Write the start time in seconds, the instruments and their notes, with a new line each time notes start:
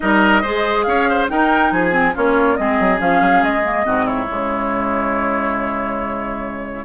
0.00 bassoon G3, clarinet D#4, oboe A#4, flute D#5
0.42 bassoon G#3, clarinet G#4, oboe C5
0.83 bassoon C#4, oboe C#5, flute F5
1.09 oboe C5
1.29 clarinet D#4, bassoon D#4, oboe A#4, flute G5
1.71 bassoon F3, oboe G#4, flute G#5
1.91 clarinet C4
2.14 bassoon A#3, clarinet C#4, oboe F4, flute C#5
2.56 bassoon G#3, clarinet C4, oboe G#4, flute D#5
2.79 bassoon F#3
2.98 bassoon F3, clarinet C#4, flute F5
3.21 bassoon F#3
3.42 bassoon G#3, flute D#5
3.63 clarinet A#3
3.84 bassoon G#2, clarinet C4, oboe F#4
4.05 oboe E4, flute C#5
4.28 bassoon C#3, clarinet G#3